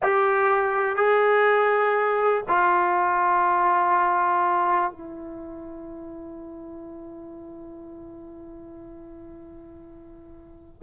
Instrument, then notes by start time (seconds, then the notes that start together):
trombone
0.02 G4
0.96 G#4
2.48 F4
4.91 E4